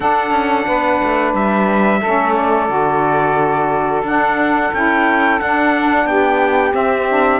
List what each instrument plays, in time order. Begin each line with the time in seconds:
0.00 cello D4, saxophone D4 A4, trumpet F#5
0.30 cello C#4
0.66 cello B3, saxophone B4
1.02 cello A3
1.33 cello G3, trumpet E5
2.00 cello A3, saxophone C#4 A4
2.36 trumpet D5
2.68 cello D3, saxophone F#4
4.02 cello D4, saxophone D4, trumpet F#5
4.73 cello C#4, saxophone E4, trumpet G5
5.38 saxophone D4, cello D4, trumpet F#5
6.05 cello B3, saxophone G4, trumpet G5
6.72 saxophone C4, cello C4, trumpet E5
7.08 saxophone D4